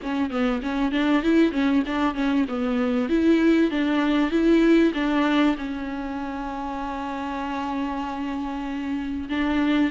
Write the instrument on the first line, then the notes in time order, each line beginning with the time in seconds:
viola
0.02 C#4
0.30 B3
0.62 C#4
0.91 D4
1.22 E4
1.52 C#4
1.86 D4
2.14 C#4
2.48 B3
3.09 E4
3.71 D4
4.30 E4
4.94 D4
5.57 C#4
9.29 D4